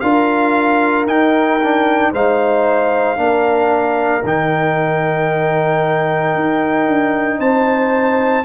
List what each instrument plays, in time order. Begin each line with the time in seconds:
0.00 tuba D4, trombone F4, horn A#4, trumpet F5
1.07 tuba D#4, trombone D#4, trumpet G5
1.63 trombone D4
2.12 tuba G#3, trombone D#4, horn C5, trumpet F5
3.16 tuba A#3, trombone D4, horn A#4
4.24 tuba D#3, trombone D#4, trumpet G5
6.34 tuba D#4
6.87 tuba D4
7.39 tuba C4, horn C5, trumpet A5